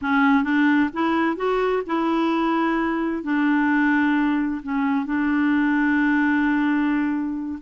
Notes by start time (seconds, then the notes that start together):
0.01 C#4
0.43 D4
0.93 E4
1.36 F#4
1.86 E4
3.23 D4
4.63 C#4
5.05 D4